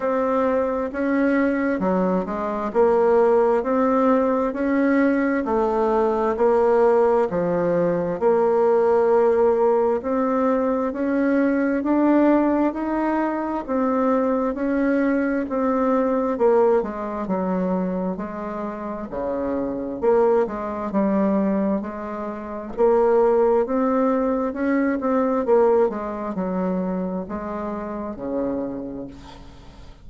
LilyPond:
\new Staff \with { instrumentName = "bassoon" } { \time 4/4 \tempo 4 = 66 c'4 cis'4 fis8 gis8 ais4 | c'4 cis'4 a4 ais4 | f4 ais2 c'4 | cis'4 d'4 dis'4 c'4 |
cis'4 c'4 ais8 gis8 fis4 | gis4 cis4 ais8 gis8 g4 | gis4 ais4 c'4 cis'8 c'8 | ais8 gis8 fis4 gis4 cis4 | }